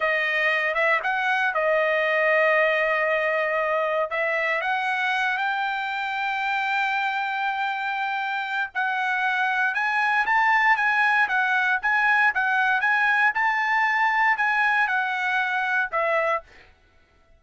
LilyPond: \new Staff \with { instrumentName = "trumpet" } { \time 4/4 \tempo 4 = 117 dis''4. e''8 fis''4 dis''4~ | dis''1 | e''4 fis''4. g''4.~ | g''1~ |
g''4 fis''2 gis''4 | a''4 gis''4 fis''4 gis''4 | fis''4 gis''4 a''2 | gis''4 fis''2 e''4 | }